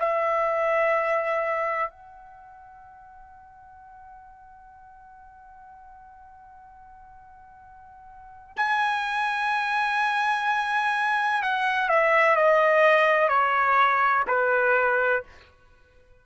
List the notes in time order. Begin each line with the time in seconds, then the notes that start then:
0.00 E5
1.90 F#5
8.57 G#5
11.43 F#5
11.89 E5
12.36 D#5
13.29 C#5
14.28 B4